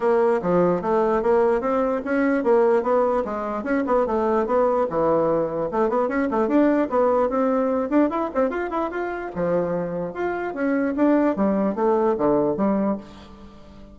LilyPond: \new Staff \with { instrumentName = "bassoon" } { \time 4/4 \tempo 4 = 148 ais4 f4 a4 ais4 | c'4 cis'4 ais4 b4 | gis4 cis'8 b8 a4 b4 | e2 a8 b8 cis'8 a8 |
d'4 b4 c'4. d'8 | e'8 c'8 f'8 e'8 f'4 f4~ | f4 f'4 cis'4 d'4 | g4 a4 d4 g4 | }